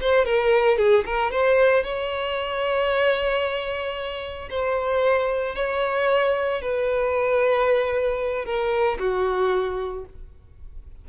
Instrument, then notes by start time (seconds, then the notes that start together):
violin
0.00 C5
0.25 A#4
0.77 G#4
1.05 A#4
1.31 C5
1.83 C#5
4.50 C5
5.55 C#5
6.61 B4
8.45 A#4
8.98 F#4